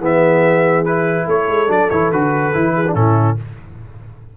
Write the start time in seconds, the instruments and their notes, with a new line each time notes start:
0.00 tuba E3, trombone B3, horn G#4, trumpet E5
0.85 trombone E4, trumpet B4
1.27 tuba A3, horn A4, trumpet C#5
1.49 tuba G#3
1.68 tuba F#3, trombone D4, trumpet D5
1.91 tuba E3, trombone E4, trumpet C#5
2.12 tuba D3, trombone F#4, trumpet B4
2.54 tuba E3, trombone E4
2.75 horn G#4
2.88 trombone D4
2.95 tuba A2, trombone C#4, horn E4, trumpet A4